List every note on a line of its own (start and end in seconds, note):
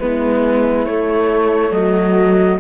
0.00 0.86 G#3
0.00 0.89 B3
0.00 1.74 E4
0.00 0.86 B4
0.86 1.71 A3
0.86 2.60 A3
0.86 1.72 C#5
1.71 2.58 F#3
1.71 2.60 F#4
1.71 2.59 D#5